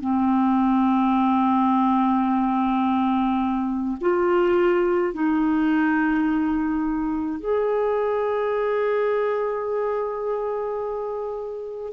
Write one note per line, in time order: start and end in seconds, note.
0.00 3.96 C4
4.00 5.14 F4
5.14 7.39 D#4
7.39 11.92 G#4